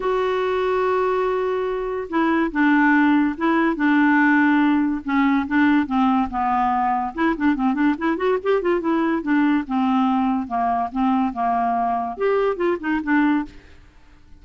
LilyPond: \new Staff \with { instrumentName = "clarinet" } { \time 4/4 \tempo 4 = 143 fis'1~ | fis'4 e'4 d'2 | e'4 d'2. | cis'4 d'4 c'4 b4~ |
b4 e'8 d'8 c'8 d'8 e'8 fis'8 | g'8 f'8 e'4 d'4 c'4~ | c'4 ais4 c'4 ais4~ | ais4 g'4 f'8 dis'8 d'4 | }